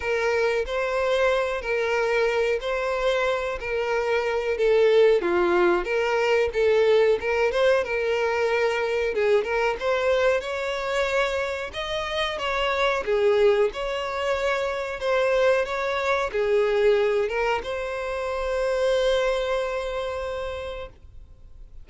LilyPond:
\new Staff \with { instrumentName = "violin" } { \time 4/4 \tempo 4 = 92 ais'4 c''4. ais'4. | c''4. ais'4. a'4 | f'4 ais'4 a'4 ais'8 c''8 | ais'2 gis'8 ais'8 c''4 |
cis''2 dis''4 cis''4 | gis'4 cis''2 c''4 | cis''4 gis'4. ais'8 c''4~ | c''1 | }